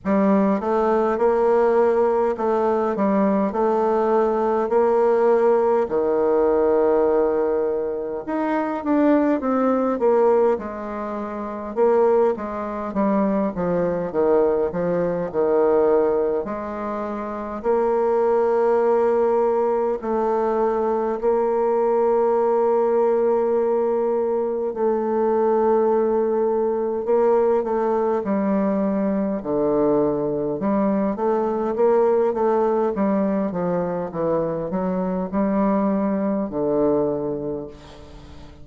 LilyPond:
\new Staff \with { instrumentName = "bassoon" } { \time 4/4 \tempo 4 = 51 g8 a8 ais4 a8 g8 a4 | ais4 dis2 dis'8 d'8 | c'8 ais8 gis4 ais8 gis8 g8 f8 | dis8 f8 dis4 gis4 ais4~ |
ais4 a4 ais2~ | ais4 a2 ais8 a8 | g4 d4 g8 a8 ais8 a8 | g8 f8 e8 fis8 g4 d4 | }